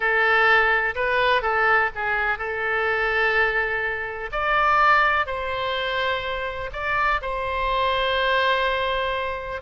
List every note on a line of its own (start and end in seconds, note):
0.00 0.94 A4
0.95 1.42 B4
1.42 1.90 A4
1.95 2.38 G#4
2.38 4.30 A4
4.32 5.26 D5
5.26 6.70 C5
6.72 7.20 D5
7.21 9.61 C5